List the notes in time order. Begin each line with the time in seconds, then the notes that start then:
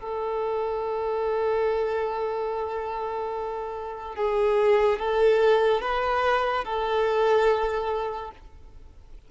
0.00 A4
4.16 G#4
4.99 A4
5.81 B4
6.65 A4